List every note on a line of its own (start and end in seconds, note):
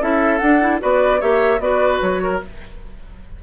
0.00 0.40 C#4
0.00 0.40 E4
0.00 0.81 A4
0.00 0.38 E5
0.38 0.81 D4
0.38 0.61 D4
0.38 0.78 F#5
0.61 0.80 E4
0.80 1.22 B3
0.80 1.20 F#4
0.80 1.20 B4
0.80 1.21 D5
1.20 1.60 A#3
1.20 1.60 G4
1.20 1.60 C#5
1.20 1.60 E5
1.60 2.00 B3
1.60 2.41 F#4
1.60 2.22 B4
1.60 2.00 D5
2.01 2.41 F#3
2.01 2.41 C#5
2.23 2.43 A#4